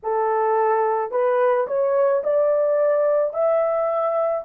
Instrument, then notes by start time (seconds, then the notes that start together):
horn
0.03 A4
1.11 B4
1.67 C#5
2.23 D5
3.33 E5